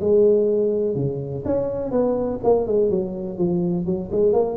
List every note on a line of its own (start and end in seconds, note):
0.00 0.95 G#3
0.95 1.43 C#3
1.45 1.91 C#4
1.91 2.40 B3
2.43 2.67 A#3
2.67 2.90 G#3
2.90 3.38 F#3
3.38 3.85 F3
3.85 4.10 F#3
4.11 4.33 G#3
4.33 4.57 A#3